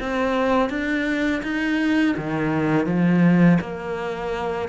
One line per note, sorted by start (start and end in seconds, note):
0.00 0.70 C4
0.70 1.42 D4
1.43 2.15 D#4
2.17 2.86 D#3
2.86 3.58 F3
3.60 4.69 A#3